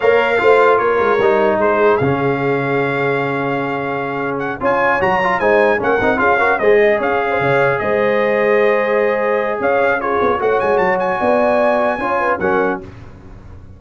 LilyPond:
<<
  \new Staff \with { instrumentName = "trumpet" } { \time 4/4 \tempo 4 = 150 f''2 cis''2 | c''4 f''2.~ | f''2. fis''8 gis''8~ | gis''8 ais''4 gis''4 fis''4 f''8~ |
f''8 dis''4 f''2 dis''8~ | dis''1 | f''4 cis''4 fis''8 gis''8 a''8 gis''8~ | gis''2. fis''4 | }
  \new Staff \with { instrumentName = "horn" } { \time 4/4 cis''4 c''4 ais'2 | gis'1~ | gis'2.~ gis'8 cis''8~ | cis''4. c''4 ais'4 gis'8 |
ais'8 c''8 dis''8 cis''8. c''16 cis''4 c''8~ | c''1 | cis''4 gis'4 cis''2 | d''2 cis''8 b'8 ais'4 | }
  \new Staff \with { instrumentName = "trombone" } { \time 4/4 ais'4 f'2 dis'4~ | dis'4 cis'2.~ | cis'2.~ cis'8 f'8~ | f'8 fis'8 f'8 dis'4 cis'8 dis'8 f'8 |
fis'8 gis'2.~ gis'8~ | gis'1~ | gis'4 f'4 fis'2~ | fis'2 f'4 cis'4 | }
  \new Staff \with { instrumentName = "tuba" } { \time 4/4 ais4 a4 ais8 gis8 g4 | gis4 cis2.~ | cis2.~ cis8 cis'8~ | cis'8 fis4 gis4 ais8 c'8 cis'8~ |
cis'8 gis4 cis'4 cis4 gis8~ | gis1 | cis'4. b8 a8 gis8 fis4 | b2 cis'4 fis4 | }
>>